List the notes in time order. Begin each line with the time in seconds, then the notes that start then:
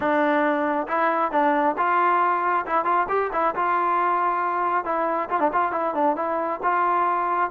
0.00 D4
0.87 E4
1.31 D4
1.77 F4
2.66 E4
2.85 F4
3.08 G4
3.32 E4
3.55 F4
4.84 E4
5.29 F4
5.39 D4
5.52 F4
5.72 E4
5.94 D4
6.16 E4
6.63 F4